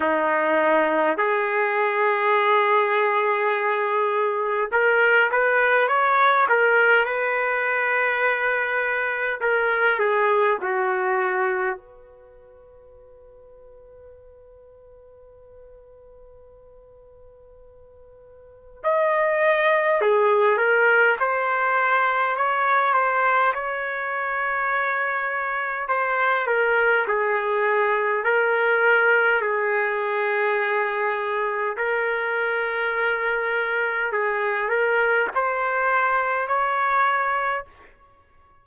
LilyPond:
\new Staff \with { instrumentName = "trumpet" } { \time 4/4 \tempo 4 = 51 dis'4 gis'2. | ais'8 b'8 cis''8 ais'8 b'2 | ais'8 gis'8 fis'4 b'2~ | b'1 |
dis''4 gis'8 ais'8 c''4 cis''8 c''8 | cis''2 c''8 ais'8 gis'4 | ais'4 gis'2 ais'4~ | ais'4 gis'8 ais'8 c''4 cis''4 | }